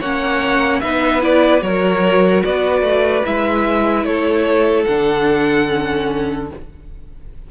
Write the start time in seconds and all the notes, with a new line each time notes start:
0.00 A#3 C#4 C#5 F#5
0.81 B3 D#4 B4 E5
1.21 E4 D5
1.61 F#3 F#4 A#4 C#5
2.45 B3 B4 D5
2.82 A3
3.24 G#3 E4 E5
4.05 A3 A4 C#5
4.85 D3 D4 F#5
5.68 C#4